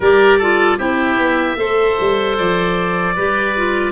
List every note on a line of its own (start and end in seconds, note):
0.00 0.78 G3
0.00 0.41 G4
0.00 0.38 A#4
0.00 0.78 D5
0.38 0.78 F4
0.38 0.77 A4
0.77 1.18 C4
0.77 1.57 E4
0.77 1.56 G4
0.77 2.36 E5
1.18 1.56 B3
1.56 1.95 A3
1.56 3.15 A4
1.56 3.15 C5
2.00 2.38 G3
2.37 3.17 F3
2.37 3.92 D5
3.15 3.92 G3
3.15 3.56 G4
3.15 3.92 B4
3.56 3.92 F4